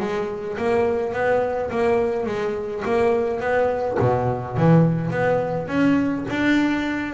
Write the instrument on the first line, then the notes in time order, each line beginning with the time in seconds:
double bass
0.00 G#3
0.58 A#3
1.13 B3
1.71 A#3
2.26 G#3
2.85 A#3
3.40 B3
4.00 B2
4.57 E3
5.11 B3
5.68 C#4
6.30 D4